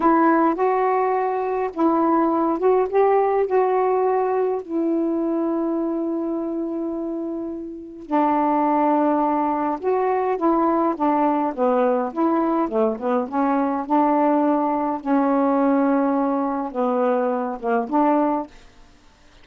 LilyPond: \new Staff \with { instrumentName = "saxophone" } { \time 4/4 \tempo 4 = 104 e'4 fis'2 e'4~ | e'8 fis'8 g'4 fis'2 | e'1~ | e'2 d'2~ |
d'4 fis'4 e'4 d'4 | b4 e'4 a8 b8 cis'4 | d'2 cis'2~ | cis'4 b4. ais8 d'4 | }